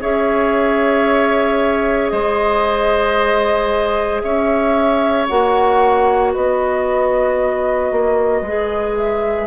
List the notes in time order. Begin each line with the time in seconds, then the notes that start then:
0.00 C#4 G#4 C#5 E5
2.09 G#3 C5 D#5
4.21 C#4 C#5 E5
5.27 A#3 F#4 F#5
6.33 B3 B4 D#5
7.91 A#3
8.41 G#3 G#4
8.96 E5